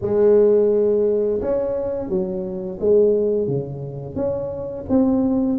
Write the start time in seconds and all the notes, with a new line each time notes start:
0.01 G#3
1.41 C#4
2.08 F#3
2.80 G#3
3.47 C#3
4.15 C#4
4.89 C4